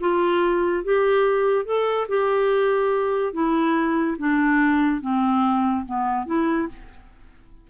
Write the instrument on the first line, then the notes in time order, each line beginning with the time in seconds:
clarinet
0.00 F4
0.84 G4
1.65 A4
2.08 G4
3.33 E4
4.18 D4
5.01 C4
5.86 B3
6.26 E4